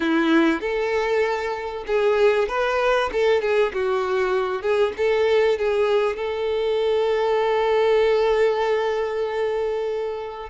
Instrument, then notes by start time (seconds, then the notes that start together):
violin
0.00 E4
0.60 A4
1.86 G#4
2.48 B4
3.12 A4
3.41 G#4
3.73 F#4
4.62 G#4
4.97 A4
5.58 G#4
6.16 A4